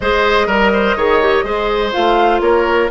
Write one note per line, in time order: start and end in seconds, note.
0.00 0.47 G#3
0.00 0.49 G#4
0.00 0.47 C5
0.00 1.91 D#5
0.47 0.95 G3
0.47 0.71 A#4
0.47 0.97 A#4
0.73 0.96 C5
0.96 1.43 D#3
0.96 1.22 G#4
0.96 1.44 C#5
1.22 1.45 G4
1.43 1.92 G#3
1.43 1.92 G#4
1.43 2.41 C5
1.92 2.40 A3
1.92 2.89 F4
1.92 2.40 F5
2.40 2.88 A#3
2.40 2.90 A#4
2.40 2.89 C#5